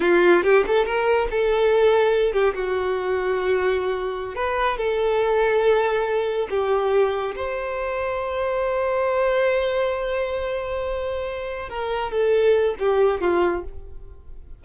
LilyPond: \new Staff \with { instrumentName = "violin" } { \time 4/4 \tempo 4 = 141 f'4 g'8 a'8 ais'4 a'4~ | a'4. g'8 fis'2~ | fis'2~ fis'16 b'4 a'8.~ | a'2.~ a'16 g'8.~ |
g'4~ g'16 c''2~ c''8.~ | c''1~ | c''2.~ c''8 ais'8~ | ais'8 a'4. g'4 f'4 | }